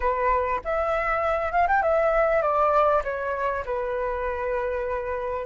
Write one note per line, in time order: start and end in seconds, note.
0.00 0.61 B4
0.64 1.52 E5
1.52 1.67 F5
1.67 1.82 G5
1.82 2.41 E5
2.41 3.02 D5
3.03 3.64 C#5
3.65 5.45 B4